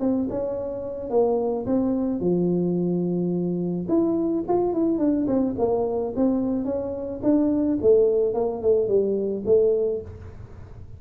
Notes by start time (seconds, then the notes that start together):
0.00 C4
0.30 C#4
1.10 A#3
1.66 C4
2.20 F3
3.88 E4
4.48 F4
4.73 E4
4.98 D4
5.27 C4
5.59 A#3
6.16 C4
6.65 C#4
7.23 D4
7.82 A3
8.34 A#3
8.62 A3
8.88 G3
9.46 A3